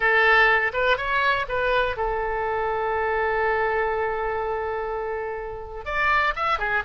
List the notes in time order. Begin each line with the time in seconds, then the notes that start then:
0.00 A4
0.73 B4
0.97 C#5
1.48 B4
1.96 A4
5.85 D5
6.35 E5
6.58 G#4